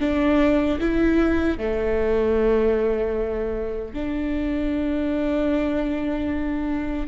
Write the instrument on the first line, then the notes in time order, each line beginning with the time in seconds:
viola
0.00 D4
0.80 E4
1.58 A3
3.94 D4